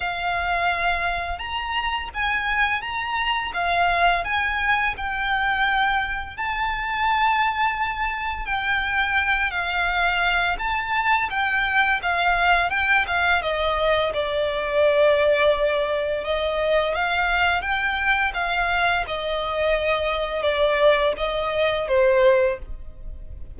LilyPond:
\new Staff \with { instrumentName = "violin" } { \time 4/4 \tempo 4 = 85 f''2 ais''4 gis''4 | ais''4 f''4 gis''4 g''4~ | g''4 a''2. | g''4. f''4. a''4 |
g''4 f''4 g''8 f''8 dis''4 | d''2. dis''4 | f''4 g''4 f''4 dis''4~ | dis''4 d''4 dis''4 c''4 | }